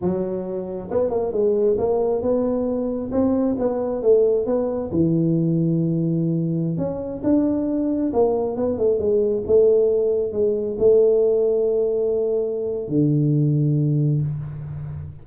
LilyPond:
\new Staff \with { instrumentName = "tuba" } { \time 4/4 \tempo 4 = 135 fis2 b8 ais8 gis4 | ais4 b2 c'4 | b4 a4 b4 e4~ | e2.~ e16 cis'8.~ |
cis'16 d'2 ais4 b8 a16~ | a16 gis4 a2 gis8.~ | gis16 a2.~ a8.~ | a4 d2. | }